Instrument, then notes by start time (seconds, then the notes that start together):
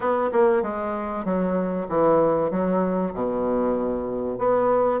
bassoon
0.00 B3
0.32 A#3
0.62 G#3
1.24 F#3
1.88 E3
2.50 F#3
3.13 B2
4.38 B3